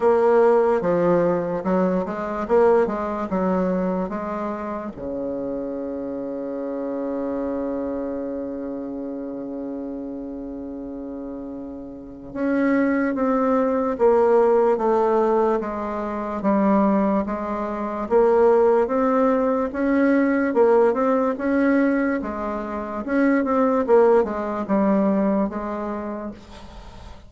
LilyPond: \new Staff \with { instrumentName = "bassoon" } { \time 4/4 \tempo 4 = 73 ais4 f4 fis8 gis8 ais8 gis8 | fis4 gis4 cis2~ | cis1~ | cis2. cis'4 |
c'4 ais4 a4 gis4 | g4 gis4 ais4 c'4 | cis'4 ais8 c'8 cis'4 gis4 | cis'8 c'8 ais8 gis8 g4 gis4 | }